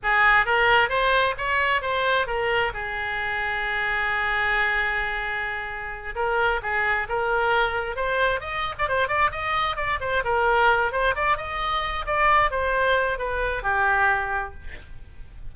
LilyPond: \new Staff \with { instrumentName = "oboe" } { \time 4/4 \tempo 4 = 132 gis'4 ais'4 c''4 cis''4 | c''4 ais'4 gis'2~ | gis'1~ | gis'4. ais'4 gis'4 ais'8~ |
ais'4. c''4 dis''8. d''16 c''8 | d''8 dis''4 d''8 c''8 ais'4. | c''8 d''8 dis''4. d''4 c''8~ | c''4 b'4 g'2 | }